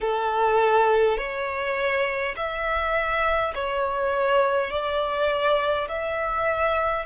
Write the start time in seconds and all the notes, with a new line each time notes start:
0.00 A4
1.17 C#5
2.36 E5
3.55 C#5
4.70 D5
5.88 E5